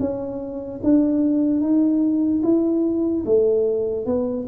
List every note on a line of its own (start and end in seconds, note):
0.00 0.81 C#4
0.84 1.61 D4
1.61 2.42 D#4
2.43 3.24 E4
3.25 4.06 A3
4.06 4.47 B3